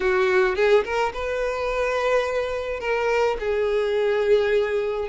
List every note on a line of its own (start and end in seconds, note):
0.00 0.55 F#4
0.55 0.84 G#4
0.84 1.12 A#4
1.13 2.80 B4
2.80 3.36 A#4
3.39 5.08 G#4